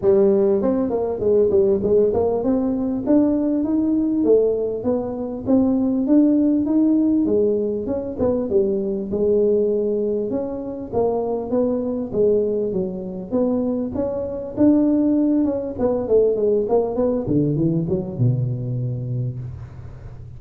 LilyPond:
\new Staff \with { instrumentName = "tuba" } { \time 4/4 \tempo 4 = 99 g4 c'8 ais8 gis8 g8 gis8 ais8 | c'4 d'4 dis'4 a4 | b4 c'4 d'4 dis'4 | gis4 cis'8 b8 g4 gis4~ |
gis4 cis'4 ais4 b4 | gis4 fis4 b4 cis'4 | d'4. cis'8 b8 a8 gis8 ais8 | b8 d8 e8 fis8 b,2 | }